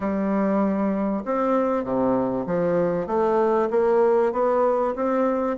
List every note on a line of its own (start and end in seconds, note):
0.00 1.23 G3
1.25 1.84 C4
1.84 2.45 C3
2.46 3.06 F3
3.06 3.68 A3
3.70 4.32 A#3
4.32 4.94 B3
4.95 5.57 C4